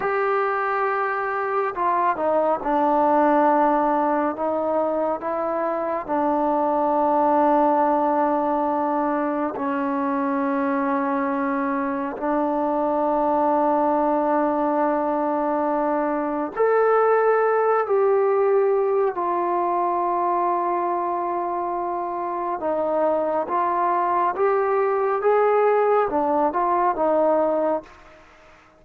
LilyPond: \new Staff \with { instrumentName = "trombone" } { \time 4/4 \tempo 4 = 69 g'2 f'8 dis'8 d'4~ | d'4 dis'4 e'4 d'4~ | d'2. cis'4~ | cis'2 d'2~ |
d'2. a'4~ | a'8 g'4. f'2~ | f'2 dis'4 f'4 | g'4 gis'4 d'8 f'8 dis'4 | }